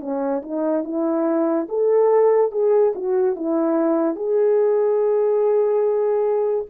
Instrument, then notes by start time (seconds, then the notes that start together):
horn
0.00 C#4
0.43 D#4
0.84 E4
1.69 A4
2.52 G#4
2.95 F#4
3.36 E4
4.16 G#4